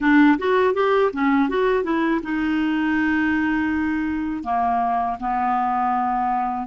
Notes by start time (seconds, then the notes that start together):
0.00 D4
0.38 F#4
0.74 G4
1.12 C#4
1.49 F#4
1.83 E4
2.23 D#4
4.43 A#3
5.20 B3